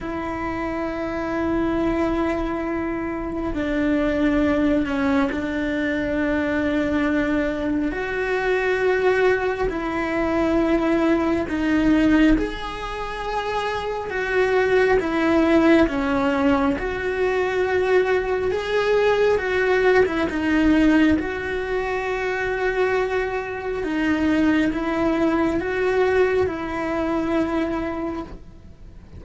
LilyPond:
\new Staff \with { instrumentName = "cello" } { \time 4/4 \tempo 4 = 68 e'1 | d'4. cis'8 d'2~ | d'4 fis'2 e'4~ | e'4 dis'4 gis'2 |
fis'4 e'4 cis'4 fis'4~ | fis'4 gis'4 fis'8. e'16 dis'4 | fis'2. dis'4 | e'4 fis'4 e'2 | }